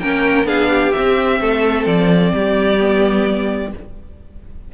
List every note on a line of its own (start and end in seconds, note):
0.00 0.44 A#3
0.00 0.45 C#4
0.00 0.48 A#4
0.00 0.47 G5
0.44 0.91 B3
0.44 0.91 D4
0.44 0.70 G#4
0.44 0.92 F5
0.70 1.39 G4
0.92 2.79 C4
0.92 1.41 C4
0.92 1.85 E5
1.40 1.86 A3
1.40 2.33 A4
1.86 2.33 F3
1.86 3.72 D5
2.33 3.74 G3
2.33 3.72 G4
2.79 3.72 B3